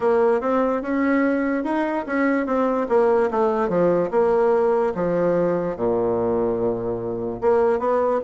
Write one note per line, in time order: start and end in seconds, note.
0.00 0.40 A#3
0.40 0.81 C4
0.81 1.64 C#4
1.64 2.05 D#4
2.06 2.46 C#4
2.46 2.87 C4
2.88 3.30 A#3
3.31 3.68 A3
3.68 4.09 F3
4.11 4.93 A#3
4.94 5.76 F3
5.76 7.40 A#2
7.41 7.79 A#3
7.79 8.20 B3